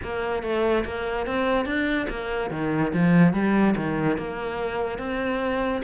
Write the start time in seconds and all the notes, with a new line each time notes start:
0.03 A#3
0.42 A3
0.84 A#3
1.26 C4
1.65 D4
2.09 A#3
2.50 D#3
2.93 F3
3.33 G3
3.76 D#3
4.17 A#3
4.98 C4